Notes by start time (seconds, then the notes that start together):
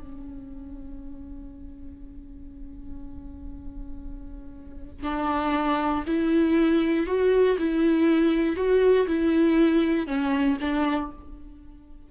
0.00 C#4
5.03 D4
6.07 E4
7.07 F#4
7.59 E4
8.56 F#4
9.07 E4
10.07 C#4
10.61 D4